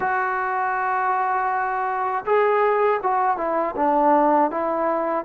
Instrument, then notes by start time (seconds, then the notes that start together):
trombone
0.00 F#4
2.25 G#4
3.02 F#4
3.37 E4
3.76 D4
4.50 E4